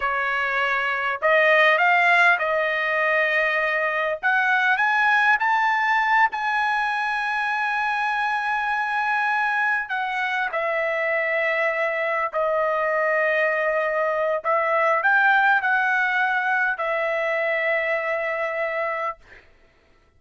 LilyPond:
\new Staff \with { instrumentName = "trumpet" } { \time 4/4 \tempo 4 = 100 cis''2 dis''4 f''4 | dis''2. fis''4 | gis''4 a''4. gis''4.~ | gis''1~ |
gis''8 fis''4 e''2~ e''8~ | e''8 dis''2.~ dis''8 | e''4 g''4 fis''2 | e''1 | }